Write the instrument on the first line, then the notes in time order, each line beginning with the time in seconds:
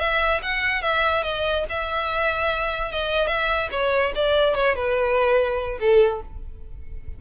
violin
0.00 E5
0.43 F#5
0.82 E5
1.24 D#5
1.70 E5
2.92 D#5
3.28 E5
3.72 C#5
4.16 D5
4.56 C#5
4.76 B4
5.80 A4